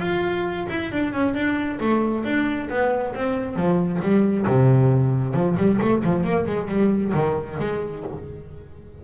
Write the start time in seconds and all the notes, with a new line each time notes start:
0.00 F4
0.69 E4
0.92 D4
1.13 C#4
1.35 D4
1.80 A3
2.25 D4
2.70 B3
3.15 C4
3.56 F3
4.02 G3
4.47 C3
5.34 F3
5.57 G3
5.81 A3
6.04 F3
6.24 A#3
6.46 G#3
6.68 G3
7.14 D#3
7.60 G#3